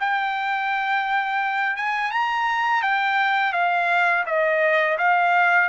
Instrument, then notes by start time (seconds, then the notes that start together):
trumpet
0.00 G5
1.76 G#5
2.11 A#5
2.82 G5
3.53 F5
4.26 D#5
4.98 F5